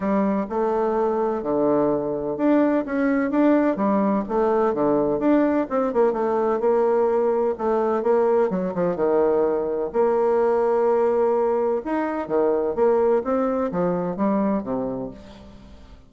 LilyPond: \new Staff \with { instrumentName = "bassoon" } { \time 4/4 \tempo 4 = 127 g4 a2 d4~ | d4 d'4 cis'4 d'4 | g4 a4 d4 d'4 | c'8 ais8 a4 ais2 |
a4 ais4 fis8 f8 dis4~ | dis4 ais2.~ | ais4 dis'4 dis4 ais4 | c'4 f4 g4 c4 | }